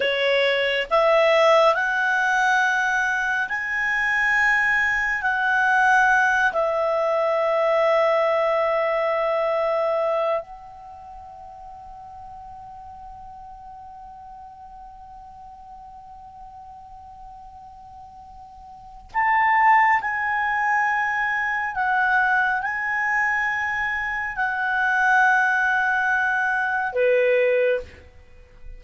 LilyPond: \new Staff \with { instrumentName = "clarinet" } { \time 4/4 \tempo 4 = 69 cis''4 e''4 fis''2 | gis''2 fis''4. e''8~ | e''1 | fis''1~ |
fis''1~ | fis''2 a''4 gis''4~ | gis''4 fis''4 gis''2 | fis''2. b'4 | }